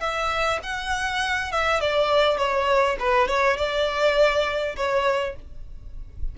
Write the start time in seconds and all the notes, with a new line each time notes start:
0.00 E5
0.63 F#5
1.52 E5
1.81 D5
2.37 C#5
2.99 B4
3.28 C#5
3.57 D5
4.76 C#5